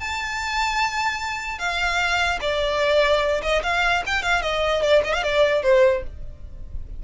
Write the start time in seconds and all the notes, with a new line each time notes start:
0.00 A5
1.59 F5
2.41 D5
3.42 D#5
3.63 F5
4.06 G5
4.23 F5
4.42 D#5
4.82 D5
5.04 D#5
5.14 F5
5.23 D5
5.63 C5